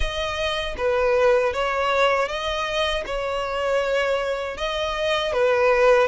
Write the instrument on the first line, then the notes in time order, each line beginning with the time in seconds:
violin
0.00 D#5
0.77 B4
1.53 C#5
2.28 D#5
3.06 C#5
4.57 D#5
5.32 B4